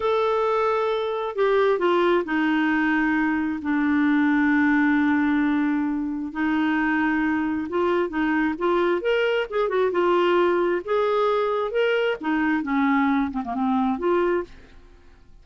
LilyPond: \new Staff \with { instrumentName = "clarinet" } { \time 4/4 \tempo 4 = 133 a'2. g'4 | f'4 dis'2. | d'1~ | d'2 dis'2~ |
dis'4 f'4 dis'4 f'4 | ais'4 gis'8 fis'8 f'2 | gis'2 ais'4 dis'4 | cis'4. c'16 ais16 c'4 f'4 | }